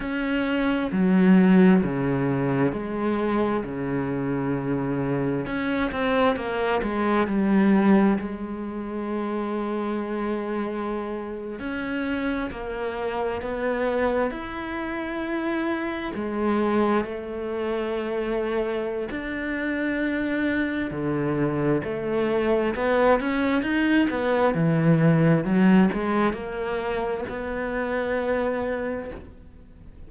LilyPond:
\new Staff \with { instrumentName = "cello" } { \time 4/4 \tempo 4 = 66 cis'4 fis4 cis4 gis4 | cis2 cis'8 c'8 ais8 gis8 | g4 gis2.~ | gis8. cis'4 ais4 b4 e'16~ |
e'4.~ e'16 gis4 a4~ a16~ | a4 d'2 d4 | a4 b8 cis'8 dis'8 b8 e4 | fis8 gis8 ais4 b2 | }